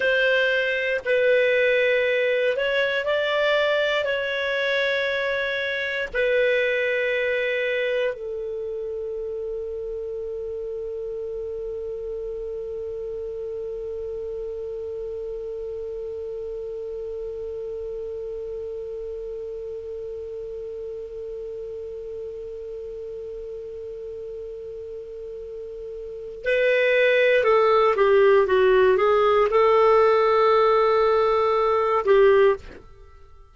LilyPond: \new Staff \with { instrumentName = "clarinet" } { \time 4/4 \tempo 4 = 59 c''4 b'4. cis''8 d''4 | cis''2 b'2 | a'1~ | a'1~ |
a'1~ | a'1~ | a'2 b'4 a'8 g'8 | fis'8 gis'8 a'2~ a'8 g'8 | }